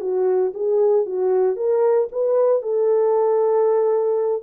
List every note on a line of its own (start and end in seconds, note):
0.00 0.52 F#4
0.54 1.05 G#4
1.05 1.56 F#4
1.56 2.08 A#4
2.12 2.62 B4
2.62 4.42 A4